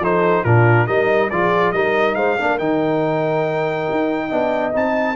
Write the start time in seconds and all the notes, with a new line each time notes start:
0.00 F3 D#4 A4 C5
0.44 A#2 D4 F4 A#4
0.87 G3 D#4 A#4 D#5
1.30 F3 F4 G#4 D5
1.73 G3 D#4 A#4 D#5
2.15 G#3 C5 F5
2.39 A#3 D4 A#4
2.59 D#3 D#4 G5
3.91 D#4
4.28 B3 D4 D#5
4.73 C4 D#4 A5